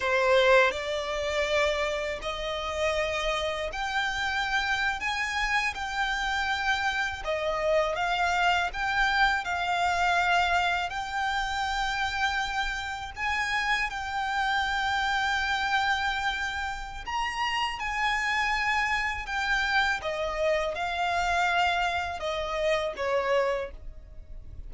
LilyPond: \new Staff \with { instrumentName = "violin" } { \time 4/4 \tempo 4 = 81 c''4 d''2 dis''4~ | dis''4 g''4.~ g''16 gis''4 g''16~ | g''4.~ g''16 dis''4 f''4 g''16~ | g''8. f''2 g''4~ g''16~ |
g''4.~ g''16 gis''4 g''4~ g''16~ | g''2. ais''4 | gis''2 g''4 dis''4 | f''2 dis''4 cis''4 | }